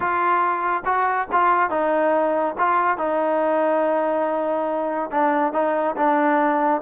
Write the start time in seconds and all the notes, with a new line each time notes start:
0.00 F4
0.85 F#4
1.32 F4
1.70 D#4
2.57 F4
2.97 D#4
5.11 D4
5.53 D#4
5.96 D4